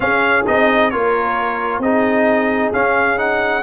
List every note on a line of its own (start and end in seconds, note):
0.00 0.45 C#4
0.00 0.46 C#4
0.00 0.93 G#4
0.00 0.45 F5
0.46 0.93 C4
0.46 0.92 D#4
0.46 0.90 D#5
0.90 1.79 A#3
0.90 1.83 F4
0.90 1.82 A#4
0.90 1.81 C#5
1.79 2.70 C4
1.79 2.73 D#4
1.79 3.62 G#4
1.79 2.73 D#5
2.73 3.62 C#4
2.73 3.17 C#4
2.73 3.18 F5
3.17 3.62 D#4
3.17 3.62 F#5